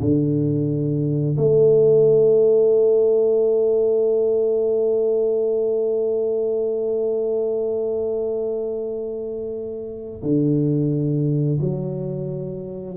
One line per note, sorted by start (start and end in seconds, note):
0.00 1.36 D3
1.37 10.22 A3
10.22 11.59 D3
11.61 12.97 F#3